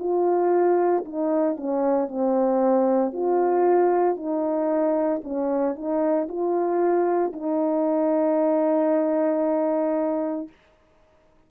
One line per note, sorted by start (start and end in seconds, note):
0.00 1.05 F4
1.06 1.57 D#4
1.57 2.09 C#4
2.09 3.13 C4
3.13 4.17 F4
4.17 5.22 D#4
5.24 5.76 C#4
5.76 6.28 D#4
6.29 7.33 F4
7.33 10.49 D#4